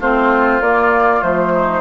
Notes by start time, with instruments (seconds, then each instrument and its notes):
0.00 bassoon A3, clarinet C4, oboe F4, flute C5
0.60 bassoon A#3, clarinet A#3, flute D5
1.21 bassoon F3, clarinet A3, flute C5
1.53 oboe D#4